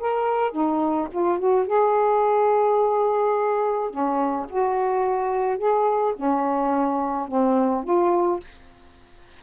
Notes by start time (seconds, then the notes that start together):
0.00 A#4
0.52 D#4
1.12 F4
1.39 F#4
1.67 G#4
3.90 C#4
4.50 F#4
5.58 G#4
6.16 C#4
7.28 C4
7.84 F4